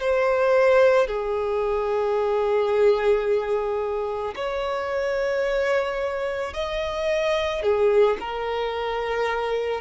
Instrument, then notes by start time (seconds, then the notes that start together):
violin
0.00 C5
1.07 G#4
4.36 C#5
6.54 D#5
7.63 G#4
8.20 A#4